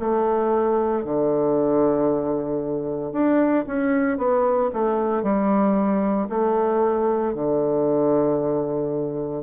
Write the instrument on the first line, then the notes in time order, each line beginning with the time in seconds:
bassoon
0.00 A3
1.05 D3
3.12 D4
3.67 C#4
4.18 B3
4.74 A3
5.23 G3
6.30 A3
7.35 D3